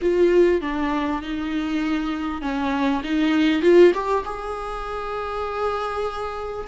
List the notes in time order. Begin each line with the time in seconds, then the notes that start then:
0.01 F4
0.61 D4
1.22 D#4
2.41 C#4
3.03 D#4
3.62 F4
3.93 G4
4.24 G#4